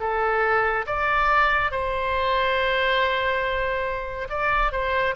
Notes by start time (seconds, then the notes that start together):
0.00 A4
0.86 D5
1.71 C5
4.30 D5
4.72 C5